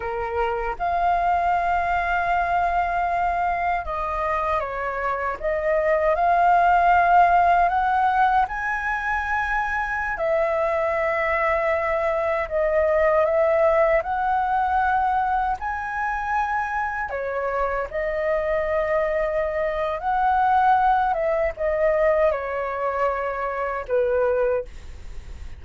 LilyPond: \new Staff \with { instrumentName = "flute" } { \time 4/4 \tempo 4 = 78 ais'4 f''2.~ | f''4 dis''4 cis''4 dis''4 | f''2 fis''4 gis''4~ | gis''4~ gis''16 e''2~ e''8.~ |
e''16 dis''4 e''4 fis''4.~ fis''16~ | fis''16 gis''2 cis''4 dis''8.~ | dis''2 fis''4. e''8 | dis''4 cis''2 b'4 | }